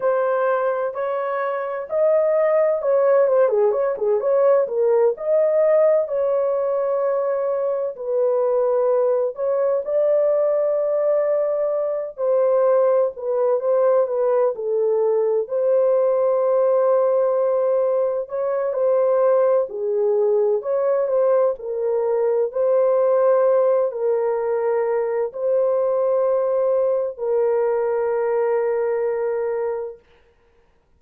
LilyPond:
\new Staff \with { instrumentName = "horn" } { \time 4/4 \tempo 4 = 64 c''4 cis''4 dis''4 cis''8 c''16 gis'16 | cis''16 gis'16 cis''8 ais'8 dis''4 cis''4.~ | cis''8 b'4. cis''8 d''4.~ | d''4 c''4 b'8 c''8 b'8 a'8~ |
a'8 c''2. cis''8 | c''4 gis'4 cis''8 c''8 ais'4 | c''4. ais'4. c''4~ | c''4 ais'2. | }